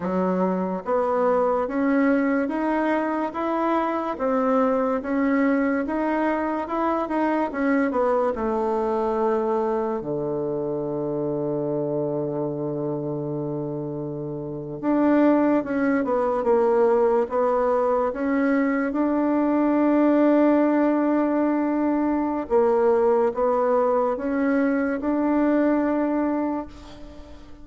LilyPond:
\new Staff \with { instrumentName = "bassoon" } { \time 4/4 \tempo 4 = 72 fis4 b4 cis'4 dis'4 | e'4 c'4 cis'4 dis'4 | e'8 dis'8 cis'8 b8 a2 | d1~ |
d4.~ d16 d'4 cis'8 b8 ais16~ | ais8. b4 cis'4 d'4~ d'16~ | d'2. ais4 | b4 cis'4 d'2 | }